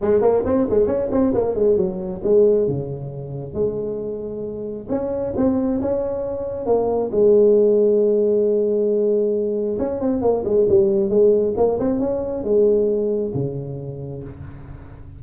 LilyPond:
\new Staff \with { instrumentName = "tuba" } { \time 4/4 \tempo 4 = 135 gis8 ais8 c'8 gis8 cis'8 c'8 ais8 gis8 | fis4 gis4 cis2 | gis2. cis'4 | c'4 cis'2 ais4 |
gis1~ | gis2 cis'8 c'8 ais8 gis8 | g4 gis4 ais8 c'8 cis'4 | gis2 cis2 | }